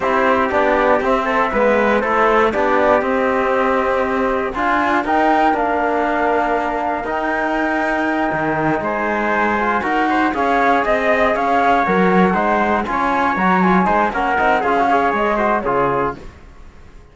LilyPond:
<<
  \new Staff \with { instrumentName = "flute" } { \time 4/4 \tempo 4 = 119 c''4 d''4 e''2 | c''4 d''4 dis''2~ | dis''4 gis''4 g''4 f''4~ | f''2 g''2~ |
g''4. gis''2 fis''8~ | fis''8 f''4 dis''4 f''4 fis''8~ | fis''4. gis''4 ais''8 gis''4 | fis''4 f''4 dis''4 cis''4 | }
  \new Staff \with { instrumentName = "trumpet" } { \time 4/4 g'2~ g'8 a'8 b'4 | a'4 g'2.~ | g'4 f'4 ais'2~ | ais'1~ |
ais'4. c''2 ais'8 | c''8 cis''4 dis''4 cis''4.~ | cis''8 c''4 cis''2 c''8 | ais'4 gis'8 cis''4 c''8 gis'4 | }
  \new Staff \with { instrumentName = "trombone" } { \time 4/4 e'4 d'4 c'4 b4 | e'4 d'4 c'2~ | c'4 f'4 dis'4 d'4~ | d'2 dis'2~ |
dis'2. f'8 fis'8~ | fis'8 gis'2. ais'8~ | ais'8 dis'4 f'4 fis'8 f'8 dis'8 | cis'8 dis'8 f'16 fis'16 gis'4 fis'8 f'4 | }
  \new Staff \with { instrumentName = "cello" } { \time 4/4 c'4 b4 c'4 gis4 | a4 b4 c'2~ | c'4 d'4 dis'4 ais4~ | ais2 dis'2~ |
dis'8 dis4 gis2 dis'8~ | dis'8 cis'4 c'4 cis'4 fis8~ | fis8 gis4 cis'4 fis4 gis8 | ais8 c'8 cis'4 gis4 cis4 | }
>>